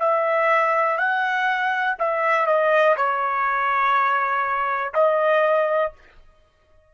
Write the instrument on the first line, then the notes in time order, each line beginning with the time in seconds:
trumpet
0.00 E5
0.98 F#5
1.99 E5
2.46 D#5
2.96 C#5
4.94 D#5